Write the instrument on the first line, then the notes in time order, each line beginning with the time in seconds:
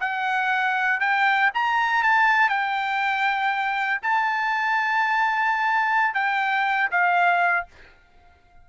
trumpet
0.00 F#5
1.00 G5
1.54 A#5
2.03 A5
2.49 G5
4.02 A5
6.14 G5
6.91 F5